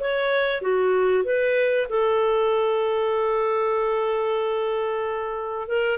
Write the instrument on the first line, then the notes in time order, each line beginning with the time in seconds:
clarinet
0.00 C#5
0.62 F#4
1.24 B4
1.89 A4
5.68 A#4